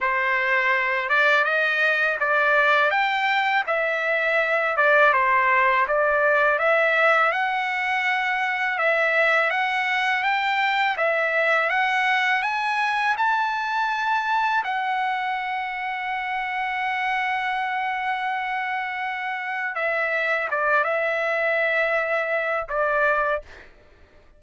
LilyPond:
\new Staff \with { instrumentName = "trumpet" } { \time 4/4 \tempo 4 = 82 c''4. d''8 dis''4 d''4 | g''4 e''4. d''8 c''4 | d''4 e''4 fis''2 | e''4 fis''4 g''4 e''4 |
fis''4 gis''4 a''2 | fis''1~ | fis''2. e''4 | d''8 e''2~ e''8 d''4 | }